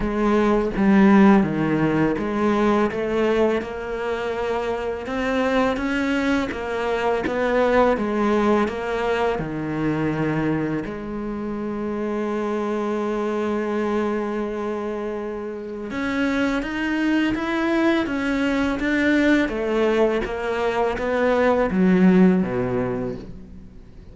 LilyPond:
\new Staff \with { instrumentName = "cello" } { \time 4/4 \tempo 4 = 83 gis4 g4 dis4 gis4 | a4 ais2 c'4 | cis'4 ais4 b4 gis4 | ais4 dis2 gis4~ |
gis1~ | gis2 cis'4 dis'4 | e'4 cis'4 d'4 a4 | ais4 b4 fis4 b,4 | }